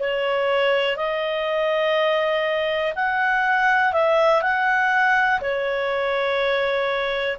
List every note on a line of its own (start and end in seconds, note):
0.00 0.97 C#5
0.97 2.93 D#5
2.96 3.93 F#5
3.93 4.42 E5
4.42 5.41 F#5
5.41 7.38 C#5